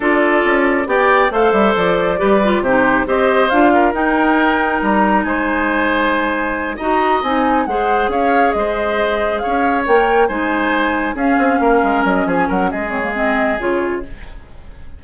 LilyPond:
<<
  \new Staff \with { instrumentName = "flute" } { \time 4/4 \tempo 4 = 137 d''2 g''4 f''8 e''8 | d''2 c''4 dis''4 | f''4 g''2 ais''4 | gis''2.~ gis''8 ais''8~ |
ais''8 gis''4 fis''4 f''4 dis''8~ | dis''4. f''4 g''4 gis''8~ | gis''4. f''2 dis''8 | gis''8 fis''8 dis''8 cis''8 dis''4 cis''4 | }
  \new Staff \with { instrumentName = "oboe" } { \time 4/4 a'2 d''4 c''4~ | c''4 b'4 g'4 c''4~ | c''8 ais'2.~ ais'8 | c''2.~ c''8 dis''8~ |
dis''4. c''4 cis''4 c''8~ | c''4. cis''2 c''8~ | c''4. gis'4 ais'4. | gis'8 ais'8 gis'2. | }
  \new Staff \with { instrumentName = "clarinet" } { \time 4/4 f'2 g'4 a'4~ | a'4 g'8 f'8 dis'4 g'4 | f'4 dis'2.~ | dis'2.~ dis'8 fis'8~ |
fis'8 dis'4 gis'2~ gis'8~ | gis'2~ gis'8 ais'4 dis'8~ | dis'4. cis'2~ cis'8~ | cis'4. c'16 ais16 c'4 f'4 | }
  \new Staff \with { instrumentName = "bassoon" } { \time 4/4 d'4 cis'4 b4 a8 g8 | f4 g4 c4 c'4 | d'4 dis'2 g4 | gis2.~ gis8 dis'8~ |
dis'8 c'4 gis4 cis'4 gis8~ | gis4. cis'4 ais4 gis8~ | gis4. cis'8 c'8 ais8 gis8 fis8 | f8 fis8 gis2 cis4 | }
>>